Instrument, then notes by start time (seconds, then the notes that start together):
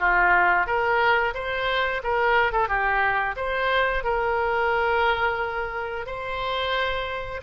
oboe
0.00 F4
0.67 A#4
1.35 C5
2.04 A#4
2.53 A4
2.68 G4
3.37 C5
4.04 A#4
6.06 C5